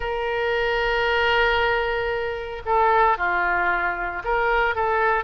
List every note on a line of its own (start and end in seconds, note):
0.00 2.62 A#4
2.65 3.17 A4
3.17 4.22 F4
4.24 4.75 A#4
4.75 5.24 A4